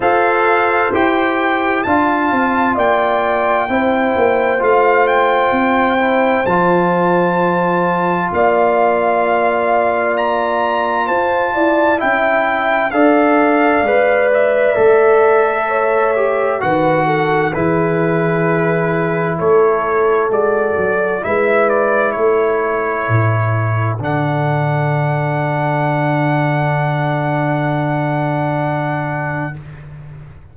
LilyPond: <<
  \new Staff \with { instrumentName = "trumpet" } { \time 4/4 \tempo 4 = 65 f''4 g''4 a''4 g''4~ | g''4 f''8 g''4. a''4~ | a''4 f''2 ais''4 | a''4 g''4 f''4. e''8~ |
e''2 fis''4 b'4~ | b'4 cis''4 d''4 e''8 d''8 | cis''2 fis''2~ | fis''1 | }
  \new Staff \with { instrumentName = "horn" } { \time 4/4 c''2 f''4 d''4 | c''1~ | c''4 d''2. | c''8 d''8 e''4 d''2~ |
d''4 cis''4 b'8 a'8 gis'4~ | gis'4 a'2 b'4 | a'1~ | a'1 | }
  \new Staff \with { instrumentName = "trombone" } { \time 4/4 a'4 g'4 f'2 | e'4 f'4. e'8 f'4~ | f'1~ | f'4 e'4 a'4 b'4 |
a'4. g'8 fis'4 e'4~ | e'2 fis'4 e'4~ | e'2 d'2~ | d'1 | }
  \new Staff \with { instrumentName = "tuba" } { \time 4/4 f'4 e'4 d'8 c'8 ais4 | c'8 ais8 a4 c'4 f4~ | f4 ais2. | f'8 e'8 cis'4 d'4 gis4 |
a2 dis4 e4~ | e4 a4 gis8 fis8 gis4 | a4 a,4 d2~ | d1 | }
>>